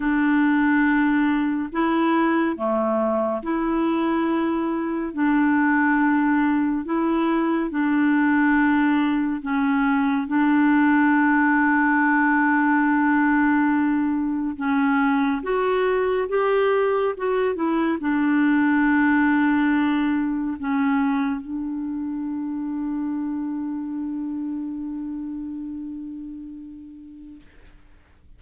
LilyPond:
\new Staff \with { instrumentName = "clarinet" } { \time 4/4 \tempo 4 = 70 d'2 e'4 a4 | e'2 d'2 | e'4 d'2 cis'4 | d'1~ |
d'4 cis'4 fis'4 g'4 | fis'8 e'8 d'2. | cis'4 d'2.~ | d'1 | }